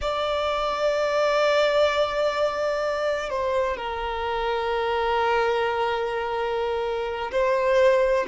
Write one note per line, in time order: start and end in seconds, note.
0.01 3.29 D5
3.29 3.76 C5
3.76 7.31 A#4
7.31 8.25 C5